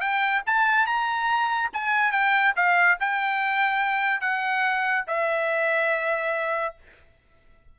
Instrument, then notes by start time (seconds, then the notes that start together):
trumpet
0.00 G5
0.46 A5
0.86 A#5
1.73 G#5
2.11 G5
2.56 F5
3.00 G5
4.20 F#5
5.07 E5